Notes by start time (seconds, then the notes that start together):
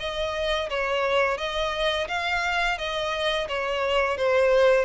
0.00 D#5
0.70 C#5
1.38 D#5
2.08 F5
2.78 D#5
3.49 C#5
4.18 C5